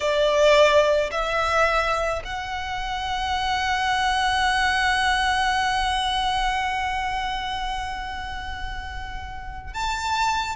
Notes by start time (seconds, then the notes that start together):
0.00 D5
1.11 E5
2.24 F#5
9.73 A5